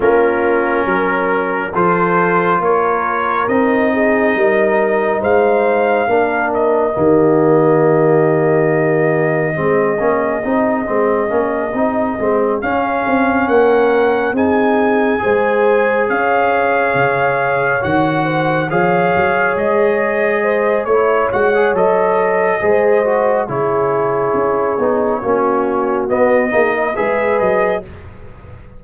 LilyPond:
<<
  \new Staff \with { instrumentName = "trumpet" } { \time 4/4 \tempo 4 = 69 ais'2 c''4 cis''4 | dis''2 f''4. dis''8~ | dis''1~ | dis''2~ dis''8 f''4 fis''8~ |
fis''8 gis''2 f''4.~ | f''8 fis''4 f''4 dis''4. | cis''8 fis''8 dis''2 cis''4~ | cis''2 dis''4 e''8 dis''8 | }
  \new Staff \with { instrumentName = "horn" } { \time 4/4 f'4 ais'4 a'4 ais'4~ | ais'8 gis'8 ais'4 c''4 ais'4 | g'2. gis'4~ | gis'2.~ gis'8 ais'8~ |
ais'8 gis'4 c''4 cis''4.~ | cis''4 c''8 cis''2 c''8 | cis''2 c''4 gis'4~ | gis'4 fis'4. gis'16 ais'16 b'4 | }
  \new Staff \with { instrumentName = "trombone" } { \time 4/4 cis'2 f'2 | dis'2. d'4 | ais2. c'8 cis'8 | dis'8 c'8 cis'8 dis'8 c'8 cis'4.~ |
cis'8 dis'4 gis'2~ gis'8~ | gis'8 fis'4 gis'2~ gis'8 | e'8 fis'16 gis'16 a'4 gis'8 fis'8 e'4~ | e'8 dis'8 cis'4 b8 dis'8 gis'4 | }
  \new Staff \with { instrumentName = "tuba" } { \time 4/4 ais4 fis4 f4 ais4 | c'4 g4 gis4 ais4 | dis2. gis8 ais8 | c'8 gis8 ais8 c'8 gis8 cis'8 c'8 ais8~ |
ais8 c'4 gis4 cis'4 cis8~ | cis8 dis4 f8 fis8 gis4. | a8 gis8 fis4 gis4 cis4 | cis'8 b8 ais4 b8 ais8 gis8 fis8 | }
>>